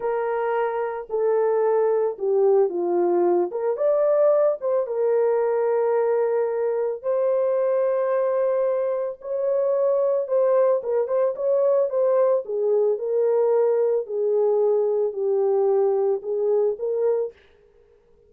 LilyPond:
\new Staff \with { instrumentName = "horn" } { \time 4/4 \tempo 4 = 111 ais'2 a'2 | g'4 f'4. ais'8 d''4~ | d''8 c''8 ais'2.~ | ais'4 c''2.~ |
c''4 cis''2 c''4 | ais'8 c''8 cis''4 c''4 gis'4 | ais'2 gis'2 | g'2 gis'4 ais'4 | }